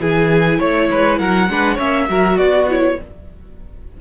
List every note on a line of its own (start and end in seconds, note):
0.00 0.59 E3
0.00 1.49 E4
0.00 0.59 G#4
0.00 0.61 G#5
0.59 0.90 A3
0.59 0.88 C#5
0.59 1.18 C#5
0.91 1.20 G#3
0.91 1.20 B4
1.18 1.49 F#3
1.18 1.49 A#4
1.18 1.78 F#5
1.49 1.79 G#3
1.49 1.78 D4
1.49 1.75 B4
1.75 2.09 A#3
1.75 2.08 C#4
1.75 2.05 C#5
1.75 2.37 E5
2.09 2.37 F#3
2.09 2.68 F#4
2.09 2.38 A#4
2.37 2.97 B3
2.37 2.98 F#4
2.37 2.67 D5
2.69 2.98 E4
2.69 3.01 C#5